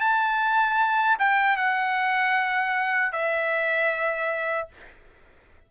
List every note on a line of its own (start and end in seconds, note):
0.00 1.17 A5
1.19 1.56 G5
1.56 3.12 F#5
3.12 4.68 E5